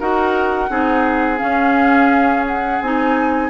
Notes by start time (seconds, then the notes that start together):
0.00 D#4 F#4 A#4 F#5
0.69 C4 D#4 G#4
1.38 C#4 F5
2.47 F#5
2.82 C4 D#4 G#5